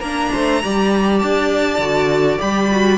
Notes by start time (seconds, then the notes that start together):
0.00 A#3 D4 A#4 A#5
0.33 A3 C5
0.63 G3 G4 D5
1.19 D4 A5
1.78 D3 F#4
2.39 G3 G4 B5
2.72 F#4